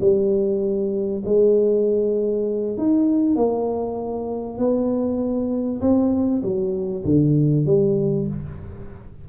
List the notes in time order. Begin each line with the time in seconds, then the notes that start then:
0.00 G3
1.25 G#3
2.77 D#4
3.36 A#3
4.58 B3
5.81 C4
6.42 F#3
7.04 D3
7.65 G3